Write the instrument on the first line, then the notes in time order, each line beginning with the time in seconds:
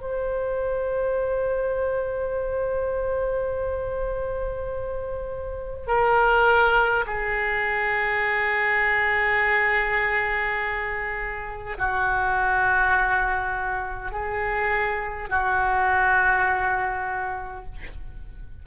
oboe
0.00 C5
5.87 A#4
7.06 G#4
11.78 F#4
14.11 G#4
15.29 F#4